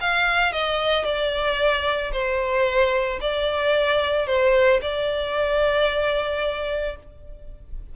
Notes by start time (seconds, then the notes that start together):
0.00 F5
0.52 D#5
1.04 D5
2.12 C5
3.21 D5
4.27 C5
4.81 D5